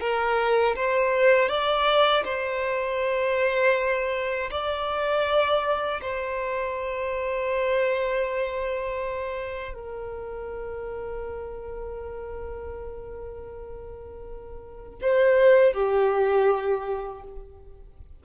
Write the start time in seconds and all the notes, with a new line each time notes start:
0.00 A#4
0.75 C5
1.49 D5
2.25 C5
4.51 D5
6.01 C5
9.74 A#4
15.02 C5
15.73 G4